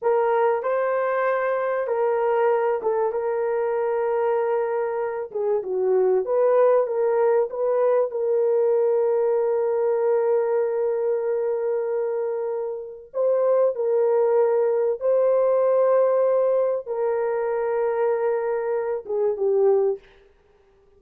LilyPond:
\new Staff \with { instrumentName = "horn" } { \time 4/4 \tempo 4 = 96 ais'4 c''2 ais'4~ | ais'8 a'8 ais'2.~ | ais'8 gis'8 fis'4 b'4 ais'4 | b'4 ais'2.~ |
ais'1~ | ais'4 c''4 ais'2 | c''2. ais'4~ | ais'2~ ais'8 gis'8 g'4 | }